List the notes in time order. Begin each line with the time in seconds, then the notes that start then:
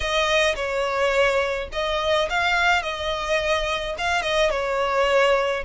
0.00 D#5
0.55 C#5
1.72 D#5
2.29 F5
2.82 D#5
3.98 F5
4.22 D#5
4.50 C#5